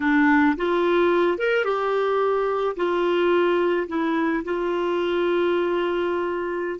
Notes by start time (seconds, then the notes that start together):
0.00 D4
0.57 F4
1.38 A#4
1.64 G4
2.76 F4
3.87 E4
4.44 F4